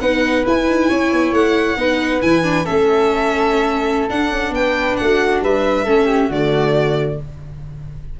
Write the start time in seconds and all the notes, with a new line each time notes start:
0.00 B3 D#4 B4 F#5
0.45 E4 G#5
0.67 D#4
0.89 C#4 C#5
1.12 B3
1.32 A3 F#5
1.77 B3 D#4 B4
2.21 E3 E4 G#5
2.43 D4
2.65 A3 C#4 A4 E5
4.09 D4 F#5
4.30 C#4
4.50 B3 B4 G5
4.96 A3 F#4 F#5
5.42 G3 B4 E5
5.84 A3 C#4 A4
6.06 G4
6.27 D3 A3 F#4 D5